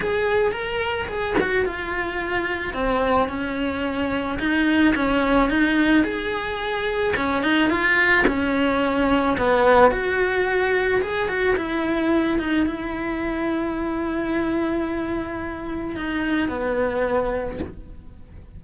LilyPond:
\new Staff \with { instrumentName = "cello" } { \time 4/4 \tempo 4 = 109 gis'4 ais'4 gis'8 fis'8 f'4~ | f'4 c'4 cis'2 | dis'4 cis'4 dis'4 gis'4~ | gis'4 cis'8 dis'8 f'4 cis'4~ |
cis'4 b4 fis'2 | gis'8 fis'8 e'4. dis'8 e'4~ | e'1~ | e'4 dis'4 b2 | }